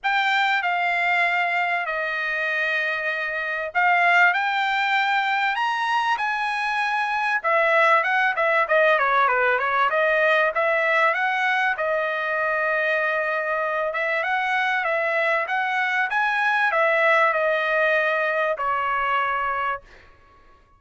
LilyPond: \new Staff \with { instrumentName = "trumpet" } { \time 4/4 \tempo 4 = 97 g''4 f''2 dis''4~ | dis''2 f''4 g''4~ | g''4 ais''4 gis''2 | e''4 fis''8 e''8 dis''8 cis''8 b'8 cis''8 |
dis''4 e''4 fis''4 dis''4~ | dis''2~ dis''8 e''8 fis''4 | e''4 fis''4 gis''4 e''4 | dis''2 cis''2 | }